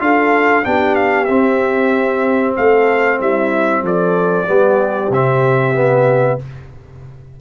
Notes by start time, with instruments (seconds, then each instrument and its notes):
0.00 tuba D4, trombone F4, horn A4, trumpet F5
0.64 tuba B3, trombone D4, horn G4, trumpet G5
0.96 trumpet F5
1.26 tuba C4, trombone C4, trumpet E5
2.57 tuba A3, horn A4, trumpet F5
3.20 tuba G3, horn E4, trumpet E5
3.83 tuba F3, horn A4, trumpet D5
4.48 tuba G3, trombone B3, horn G4
5.10 tuba C3, trombone C4, trumpet E5
5.75 trombone B3